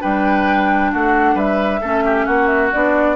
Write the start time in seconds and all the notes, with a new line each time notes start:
0.00 G3 D4 B4 G5
0.93 A3 F#4 F#5
1.35 G3 B4 E5
1.81 A3 C#4 A4
2.05 G4
2.26 A#3 F#4 F#5
2.47 E5
2.73 B3 D4 D5